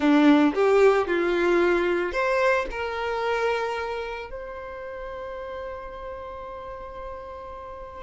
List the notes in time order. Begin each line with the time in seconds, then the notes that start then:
0.00 D4
0.54 G4
1.07 F4
2.12 C5
2.71 A#4
4.30 C5